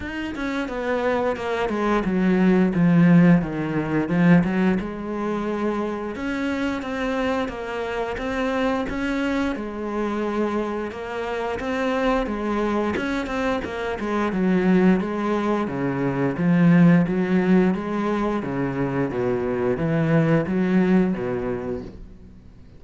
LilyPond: \new Staff \with { instrumentName = "cello" } { \time 4/4 \tempo 4 = 88 dis'8 cis'8 b4 ais8 gis8 fis4 | f4 dis4 f8 fis8 gis4~ | gis4 cis'4 c'4 ais4 | c'4 cis'4 gis2 |
ais4 c'4 gis4 cis'8 c'8 | ais8 gis8 fis4 gis4 cis4 | f4 fis4 gis4 cis4 | b,4 e4 fis4 b,4 | }